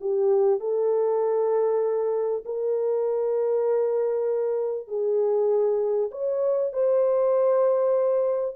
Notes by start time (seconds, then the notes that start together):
0.00 G4
0.60 A4
2.45 A#4
4.88 G#4
6.11 C#5
6.72 C5